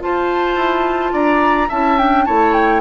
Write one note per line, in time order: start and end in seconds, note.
0.00 1.68 F4
0.00 0.56 F4
0.00 1.13 C5
0.00 1.14 A5
0.56 1.12 E4
1.13 1.70 D4
1.13 1.69 D5
1.13 1.70 A#5
1.69 2.28 C#4
1.69 1.99 E4
1.69 2.25 E5
1.69 1.99 A5
1.99 2.27 D4
1.99 2.25 G5
2.25 2.81 A3
2.25 2.81 E4
2.25 2.81 C#5
2.25 2.54 A5
2.54 2.81 G5